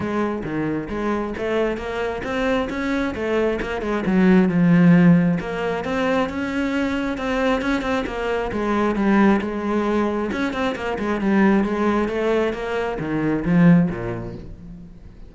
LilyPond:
\new Staff \with { instrumentName = "cello" } { \time 4/4 \tempo 4 = 134 gis4 dis4 gis4 a4 | ais4 c'4 cis'4 a4 | ais8 gis8 fis4 f2 | ais4 c'4 cis'2 |
c'4 cis'8 c'8 ais4 gis4 | g4 gis2 cis'8 c'8 | ais8 gis8 g4 gis4 a4 | ais4 dis4 f4 ais,4 | }